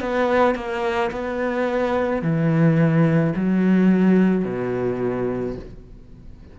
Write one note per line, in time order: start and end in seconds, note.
0.00 0.55 B3
0.55 1.10 A#3
1.11 2.22 B3
2.22 3.33 E3
3.35 4.44 F#3
4.44 5.56 B2